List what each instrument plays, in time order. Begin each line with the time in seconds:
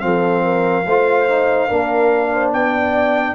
0.00 tuba F3, trombone C4, horn A4, trumpet F5
0.45 horn A#4
0.86 tuba A3, trombone F4, horn C5
1.29 trombone D#4
1.68 tuba A#3, trombone D4, horn A#4
2.32 horn C5
2.53 tuba B3, horn D5, trumpet G5